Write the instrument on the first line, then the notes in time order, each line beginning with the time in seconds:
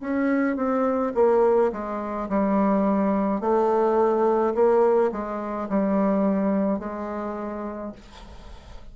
bassoon
0.00 C#4
0.56 C4
1.15 A#3
1.72 G#3
2.29 G3
3.41 A3
4.54 A#3
5.11 G#3
5.69 G3
6.79 G#3